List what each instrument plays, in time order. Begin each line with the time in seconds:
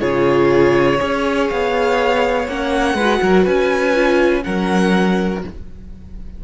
0.00 cello C#3, viola F4, violin G#4 C#5
0.99 cello C#4, viola G#4, violin C#5
1.50 cello B3, violin F5
2.48 cello A#3, viola C#4, violin F#5
2.94 cello G#3, viola F#4, violin B4
3.23 cello F#3, violin A#4
3.44 cello C#4, violin B4 G#5
3.95 viola F4
4.43 cello F#3, viola C#4, violin A#4 F#5